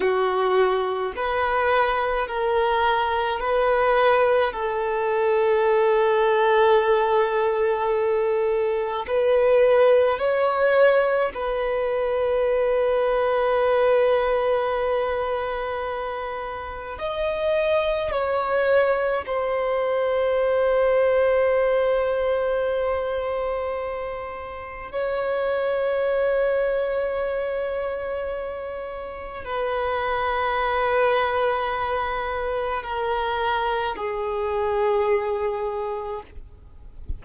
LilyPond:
\new Staff \with { instrumentName = "violin" } { \time 4/4 \tempo 4 = 53 fis'4 b'4 ais'4 b'4 | a'1 | b'4 cis''4 b'2~ | b'2. dis''4 |
cis''4 c''2.~ | c''2 cis''2~ | cis''2 b'2~ | b'4 ais'4 gis'2 | }